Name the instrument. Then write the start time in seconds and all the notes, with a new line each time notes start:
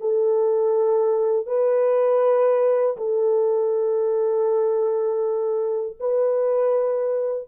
horn
0.00 A4
1.47 B4
2.97 A4
6.00 B4